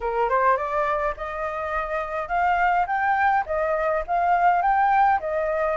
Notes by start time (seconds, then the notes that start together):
0.01 A#4
0.29 C5
0.56 D5
1.17 D#5
2.28 F5
2.86 G5
3.46 D#5
4.07 F5
4.62 G5
5.19 D#5